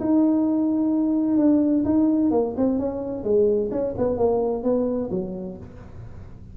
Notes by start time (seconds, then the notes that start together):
0.00 D#4
1.37 D4
1.85 D#4
2.31 A#3
2.57 C4
2.79 C#4
3.23 G#3
3.71 C#4
3.97 B3
4.17 A#3
4.63 B3
5.10 F#3